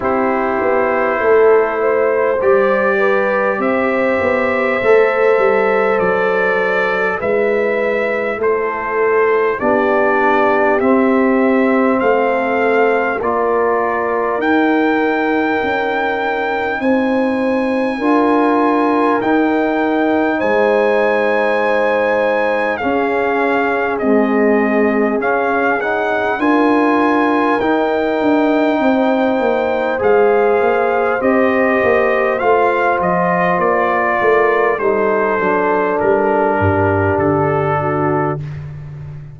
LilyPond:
<<
  \new Staff \with { instrumentName = "trumpet" } { \time 4/4 \tempo 4 = 50 c''2 d''4 e''4~ | e''4 d''4 e''4 c''4 | d''4 e''4 f''4 d''4 | g''2 gis''2 |
g''4 gis''2 f''4 | dis''4 f''8 fis''8 gis''4 g''4~ | g''4 f''4 dis''4 f''8 dis''8 | d''4 c''4 ais'4 a'4 | }
  \new Staff \with { instrumentName = "horn" } { \time 4/4 g'4 a'8 c''4 b'8 c''4~ | c''2 b'4 a'4 | g'2 a'4 ais'4~ | ais'2 c''4 ais'4~ |
ais'4 c''2 gis'4~ | gis'2 ais'2 | c''1~ | c''8 ais'8 a'4. g'4 fis'8 | }
  \new Staff \with { instrumentName = "trombone" } { \time 4/4 e'2 g'2 | a'2 e'2 | d'4 c'2 f'4 | dis'2. f'4 |
dis'2. cis'4 | gis4 cis'8 dis'8 f'4 dis'4~ | dis'4 gis'4 g'4 f'4~ | f'4 dis'8 d'2~ d'8 | }
  \new Staff \with { instrumentName = "tuba" } { \time 4/4 c'8 b8 a4 g4 c'8 b8 | a8 g8 fis4 gis4 a4 | b4 c'4 a4 ais4 | dis'4 cis'4 c'4 d'4 |
dis'4 gis2 cis'4 | c'4 cis'4 d'4 dis'8 d'8 | c'8 ais8 gis8 ais8 c'8 ais8 a8 f8 | ais8 a8 g8 fis8 g8 g,8 d4 | }
>>